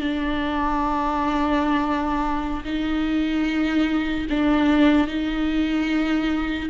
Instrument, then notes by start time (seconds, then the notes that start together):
viola
0.00 D4
2.64 D#4
4.29 D4
5.07 D#4